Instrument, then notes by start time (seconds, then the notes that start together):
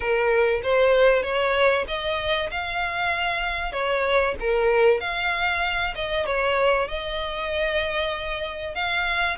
violin
0.00 A#4
0.63 C5
1.22 C#5
1.87 D#5
2.50 F5
3.72 C#5
4.39 A#4
5.00 F5
5.95 D#5
6.26 C#5
6.88 D#5
8.74 F5